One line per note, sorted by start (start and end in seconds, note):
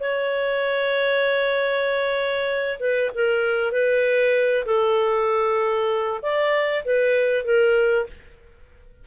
0.00 2.78 C#5
2.79 3.10 B4
3.14 3.72 A#4
3.72 4.64 B4
4.65 6.20 A4
6.22 6.84 D5
6.85 7.44 B4
7.44 8.06 A#4